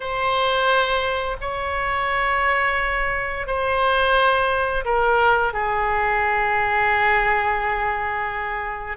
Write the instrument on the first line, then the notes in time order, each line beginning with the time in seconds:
oboe
0.00 C5
1.40 C#5
3.46 C5
4.84 A#4
5.53 G#4